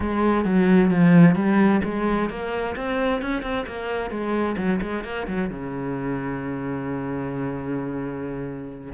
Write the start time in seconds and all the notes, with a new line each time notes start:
0.00 G#3
0.44 F#3
0.90 F3
1.35 G3
1.84 G#3
2.29 A#3
2.76 C4
3.21 C#4
3.42 C4
3.66 A#3
4.10 G#3
4.57 F#3
4.81 G#3
5.04 A#3
5.27 F#3
5.49 C#3